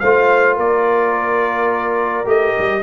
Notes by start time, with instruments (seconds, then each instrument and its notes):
0.00 tuba A3, trombone F4, horn C5, trumpet F5
0.56 tuba A#3, horn A#4, trumpet D5
2.25 tuba A3, trombone G4, trumpet D#5
2.58 tuba G3